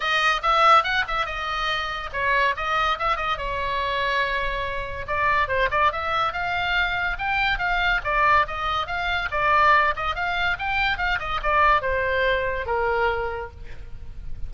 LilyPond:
\new Staff \with { instrumentName = "oboe" } { \time 4/4 \tempo 4 = 142 dis''4 e''4 fis''8 e''8 dis''4~ | dis''4 cis''4 dis''4 e''8 dis''8 | cis''1 | d''4 c''8 d''8 e''4 f''4~ |
f''4 g''4 f''4 d''4 | dis''4 f''4 d''4. dis''8 | f''4 g''4 f''8 dis''8 d''4 | c''2 ais'2 | }